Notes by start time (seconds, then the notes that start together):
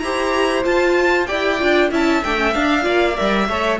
0.00 E4 G4 C5 A#5
0.64 F4 A5
1.27 E4 G4 D5 G5
1.60 D4 F4
1.91 C#4 E4 E5 A5
2.24 A3 D4 G5
2.37 C#4
2.54 D4 F5
2.81 A#3 F4 D5
3.16 G3 A#4 E5
3.49 A3 A4 C#5